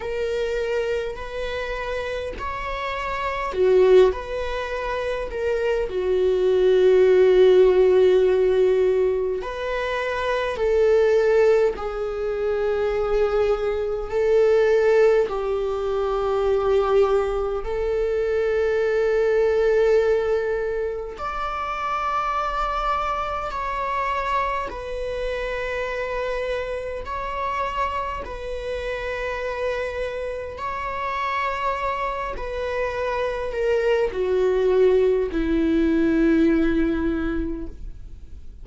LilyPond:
\new Staff \with { instrumentName = "viola" } { \time 4/4 \tempo 4 = 51 ais'4 b'4 cis''4 fis'8 b'8~ | b'8 ais'8 fis'2. | b'4 a'4 gis'2 | a'4 g'2 a'4~ |
a'2 d''2 | cis''4 b'2 cis''4 | b'2 cis''4. b'8~ | b'8 ais'8 fis'4 e'2 | }